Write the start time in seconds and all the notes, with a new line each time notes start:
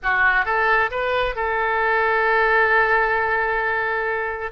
0.02 F#4
0.45 A4
0.90 B4
1.35 A4